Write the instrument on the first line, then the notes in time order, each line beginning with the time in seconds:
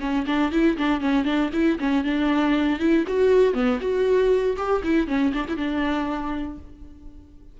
viola
0.00 C#4
0.27 D4
0.52 E4
0.78 D4
1.01 C#4
1.25 D4
1.53 E4
1.79 C#4
2.04 D4
2.79 E4
3.07 F#4
3.54 B3
3.80 F#4
4.57 G4
4.84 E4
5.07 C#4
5.33 D4
5.49 E4
5.57 D4